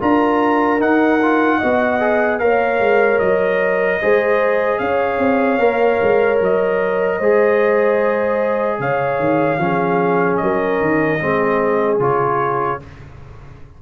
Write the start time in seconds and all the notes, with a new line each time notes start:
0.00 D4 F4 A#4 A#5
0.79 D#4 F#5
1.22 F4
1.58 B3 F#4 D#5
2.00 G#4
2.39 A#3 A#4 C#5 F5
2.80 G#3
3.19 F#3 D#5
4.01 G#3 G#4 C5
4.79 C#4 C#5 F5
5.18 C4
5.58 A#3 A#4
6.02 G#3
6.41 F#3 D#5
7.18 G#3 G#4 C5
8.79 C#3 C#5 F5
9.19 D#3
9.58 F3 C#4 G#4
10.37 F#3 D#5
10.43 A#4
10.81 D#3
11.20 G#3 C4 G#4
11.99 C#3 F4 C#5